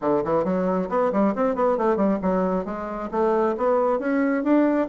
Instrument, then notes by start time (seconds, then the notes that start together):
bassoon
0.01 D3
0.24 E3
0.44 F#3
0.89 B3
1.12 G3
1.35 C4
1.55 B3
1.77 A3
1.96 G3
2.22 F#3
2.65 G#3
3.11 A3
3.57 B3
3.99 C#4
4.43 D4